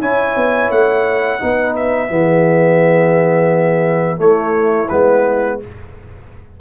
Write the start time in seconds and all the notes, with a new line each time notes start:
0.00 C#4 E4 C#5 G#5
0.36 B3
0.70 A3 F#5
1.39 B3 D#4 B4
1.76 E5
2.08 E3 B3 G#4
4.17 A3 E4 C#5
4.89 G#3 B3 B4